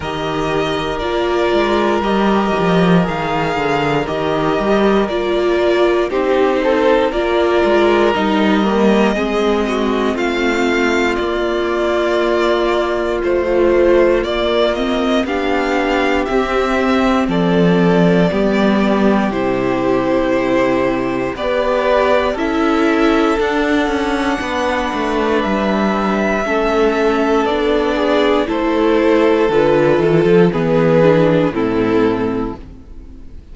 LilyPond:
<<
  \new Staff \with { instrumentName = "violin" } { \time 4/4 \tempo 4 = 59 dis''4 d''4 dis''4 f''4 | dis''4 d''4 c''4 d''4 | dis''2 f''4 d''4~ | d''4 c''4 d''8 dis''8 f''4 |
e''4 d''2 c''4~ | c''4 d''4 e''4 fis''4~ | fis''4 e''2 d''4 | c''4 b'8 a'8 b'4 a'4 | }
  \new Staff \with { instrumentName = "violin" } { \time 4/4 ais'1~ | ais'2 g'8 a'8 ais'4~ | ais'4 gis'8 fis'8 f'2~ | f'2. g'4~ |
g'4 a'4 g'2~ | g'4 b'4 a'2 | b'2 a'4. gis'8 | a'2 gis'4 e'4 | }
  \new Staff \with { instrumentName = "viola" } { \time 4/4 g'4 f'4 g'4 gis'4 | g'4 f'4 dis'4 f'4 | dis'8 ais8 c'2 ais4~ | ais4 f4 ais8 c'8 d'4 |
c'2 b4 e'4~ | e'4 g'4 e'4 d'4~ | d'2 cis'4 d'4 | e'4 f'4 b8 d'8 c'4 | }
  \new Staff \with { instrumentName = "cello" } { \time 4/4 dis4 ais8 gis8 g8 f8 dis8 d8 | dis8 g8 ais4 c'4 ais8 gis8 | g4 gis4 a4 ais4~ | ais4 a4 ais4 b4 |
c'4 f4 g4 c4~ | c4 b4 cis'4 d'8 cis'8 | b8 a8 g4 a4 b4 | a4 d8 e16 f16 e4 a,4 | }
>>